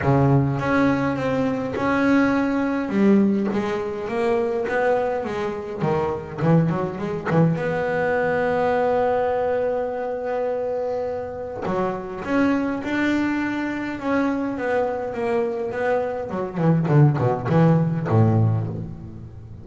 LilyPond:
\new Staff \with { instrumentName = "double bass" } { \time 4/4 \tempo 4 = 103 cis4 cis'4 c'4 cis'4~ | cis'4 g4 gis4 ais4 | b4 gis4 dis4 e8 fis8 | gis8 e8 b2.~ |
b1 | fis4 cis'4 d'2 | cis'4 b4 ais4 b4 | fis8 e8 d8 b,8 e4 a,4 | }